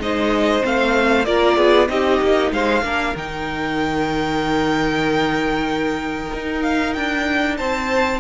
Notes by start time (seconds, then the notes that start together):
0.00 G#3 D#4 C5 D#5
0.62 A3 C4 F5
1.25 A#3 F4 A#4 D5
1.57 B3 G#4
1.88 C4 D#4 G4 D#5
2.22 A#3
2.52 G#3 C5 F5
2.83 A#3 D4 A#4
3.16 D#3 D#4 G5
6.34 D#4
6.63 F5
6.94 D4 G5
7.57 C4 C5 A5